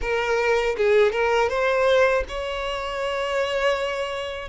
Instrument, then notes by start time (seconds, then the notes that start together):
violin
0.01 A#4
0.77 G#4
1.11 A#4
1.49 C5
2.28 C#5